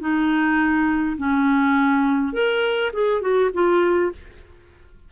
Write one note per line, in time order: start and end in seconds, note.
0.00 1.17 D#4
1.17 2.33 C#4
2.33 2.91 A#4
2.93 3.21 G#4
3.21 3.50 F#4
3.53 4.11 F4